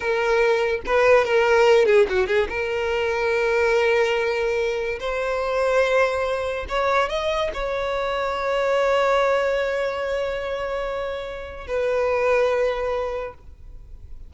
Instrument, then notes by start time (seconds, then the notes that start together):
violin
0.00 A#4
0.85 B4
1.24 A#4
1.85 G#4
2.09 F#4
2.26 G#4
2.49 A#4
4.99 C5
6.69 C#5
7.09 D#5
7.53 C#5
11.67 B4